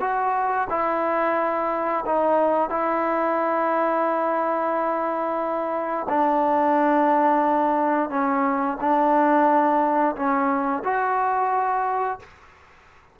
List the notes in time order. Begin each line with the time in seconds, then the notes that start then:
0.00 F#4
0.70 E4
2.06 D#4
2.70 E4
6.09 D4
8.10 C#4
8.80 D4
10.16 C#4
10.84 F#4